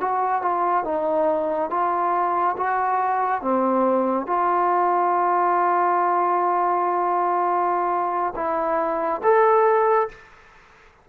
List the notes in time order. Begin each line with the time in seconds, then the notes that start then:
0.00 F#4
0.41 F4
0.84 D#4
1.70 F4
2.57 F#4
3.41 C4
4.27 F4
8.35 E4
9.23 A4